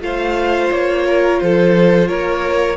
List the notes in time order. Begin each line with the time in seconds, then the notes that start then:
0.00 A3 F4 C5 F5
0.71 A#3 C#5
1.06 A#4
1.40 F3 A4 C5
2.07 A#3 A#4 C#5